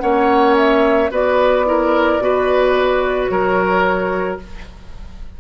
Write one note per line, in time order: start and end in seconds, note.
0.00 1.10 A#3
0.00 1.09 C#4
0.00 1.11 C#5
0.00 0.55 F#5
0.57 1.12 E5
1.10 2.19 B3
1.10 1.66 F#4
1.10 1.66 B4
1.10 3.29 D5
1.66 2.20 E4
1.66 2.23 A#4
2.19 3.28 B2
2.19 4.39 F#4
2.19 3.32 B4
3.29 4.39 F#3
3.29 4.41 A#4
3.29 4.38 C#5